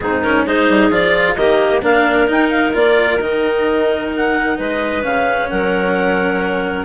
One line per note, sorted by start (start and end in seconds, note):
0.00 0.46 G#2
0.00 0.24 C4
0.00 0.46 D#4
0.00 0.22 G#4
0.22 0.46 C#4
0.22 0.44 A#4
0.46 0.69 G#3
0.46 0.91 D#4
0.46 1.37 G#4
0.46 0.91 C5
0.69 0.90 G3
0.90 1.35 F3
0.90 1.37 F4
0.90 1.35 D5
1.35 1.82 D#3
1.35 1.82 A#3
1.35 1.83 G4
1.35 1.81 D#5
1.82 2.28 A#3
1.82 2.27 D4
1.82 4.57 A#4
1.82 2.30 F5
2.27 2.73 D#4
2.27 2.75 D#4
2.27 2.50 G5
2.50 2.72 F5
2.73 3.21 A#3
2.73 3.19 F4
2.73 3.20 D5
3.20 4.58 D#3
3.20 5.02 D#4
3.20 4.12 D#5
4.16 4.59 F#5
4.57 5.04 G#3
4.57 5.49 B4
4.57 5.04 D#5
5.02 5.51 C#3
5.02 6.84 C#4
5.02 5.49 F5
5.49 6.84 F#3
5.49 6.84 A#4
5.49 6.84 F#5